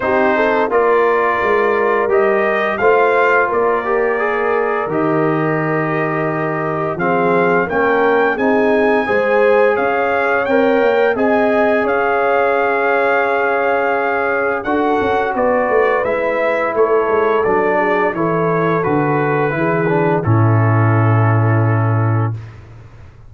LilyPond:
<<
  \new Staff \with { instrumentName = "trumpet" } { \time 4/4 \tempo 4 = 86 c''4 d''2 dis''4 | f''4 d''2 dis''4~ | dis''2 f''4 g''4 | gis''2 f''4 g''4 |
gis''4 f''2.~ | f''4 fis''4 d''4 e''4 | cis''4 d''4 cis''4 b'4~ | b'4 a'2. | }
  \new Staff \with { instrumentName = "horn" } { \time 4/4 g'8 a'8 ais'2. | c''4 ais'2.~ | ais'2 gis'4 ais'4 | gis'4 c''4 cis''2 |
dis''4 cis''2.~ | cis''4 a'4 b'2 | a'4. gis'8 a'2 | gis'4 e'2. | }
  \new Staff \with { instrumentName = "trombone" } { \time 4/4 dis'4 f'2 g'4 | f'4. g'8 gis'4 g'4~ | g'2 c'4 cis'4 | dis'4 gis'2 ais'4 |
gis'1~ | gis'4 fis'2 e'4~ | e'4 d'4 e'4 fis'4 | e'8 d'8 cis'2. | }
  \new Staff \with { instrumentName = "tuba" } { \time 4/4 c'4 ais4 gis4 g4 | a4 ais2 dis4~ | dis2 f4 ais4 | c'4 gis4 cis'4 c'8 ais8 |
c'4 cis'2.~ | cis'4 d'8 cis'8 b8 a8 gis4 | a8 gis8 fis4 e4 d4 | e4 a,2. | }
>>